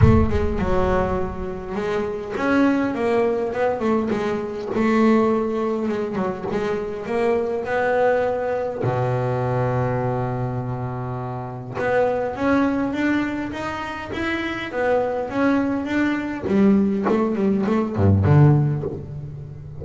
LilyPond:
\new Staff \with { instrumentName = "double bass" } { \time 4/4 \tempo 4 = 102 a8 gis8 fis2 gis4 | cis'4 ais4 b8 a8 gis4 | a2 gis8 fis8 gis4 | ais4 b2 b,4~ |
b,1 | b4 cis'4 d'4 dis'4 | e'4 b4 cis'4 d'4 | g4 a8 g8 a8 g,8 d4 | }